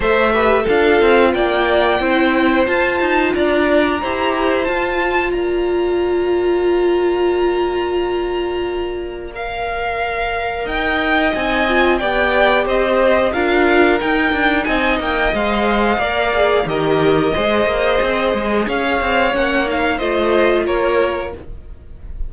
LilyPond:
<<
  \new Staff \with { instrumentName = "violin" } { \time 4/4 \tempo 4 = 90 e''4 f''4 g''2 | a''4 ais''2 a''4 | ais''1~ | ais''2 f''2 |
g''4 gis''4 g''4 dis''4 | f''4 g''4 gis''8 g''8 f''4~ | f''4 dis''2. | f''4 fis''8 f''8 dis''4 cis''4 | }
  \new Staff \with { instrumentName = "violin" } { \time 4/4 c''8 b'8 a'4 d''4 c''4~ | c''4 d''4 c''2 | d''1~ | d''1 |
dis''2 d''4 c''4 | ais'2 dis''2 | d''4 ais'4 c''2 | cis''2 c''4 ais'4 | }
  \new Staff \with { instrumentName = "viola" } { \time 4/4 a'8 g'8 f'2 e'4 | f'2 g'4 f'4~ | f'1~ | f'2 ais'2~ |
ais'4 dis'8 f'8 g'2 | f'4 dis'2 c''4 | ais'8 gis'8 g'4 gis'2~ | gis'4 cis'8 dis'8 f'2 | }
  \new Staff \with { instrumentName = "cello" } { \time 4/4 a4 d'8 c'8 ais4 c'4 | f'8 dis'8 d'4 e'4 f'4 | ais1~ | ais1 |
dis'4 c'4 b4 c'4 | d'4 dis'8 d'8 c'8 ais8 gis4 | ais4 dis4 gis8 ais8 c'8 gis8 | cis'8 c'8 ais4 a4 ais4 | }
>>